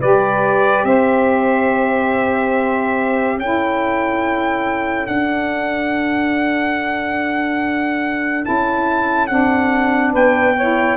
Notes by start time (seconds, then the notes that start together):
0.00 G3 G4 B4 D5
0.84 C4 C5 E5
3.35 C#4 A4 G5
3.42 E4
5.07 D4 F#5
8.42 E4 A5
8.49 C#4
9.27 C4 D4 F#5
10.12 B3 B4 G5
10.57 E4 C#5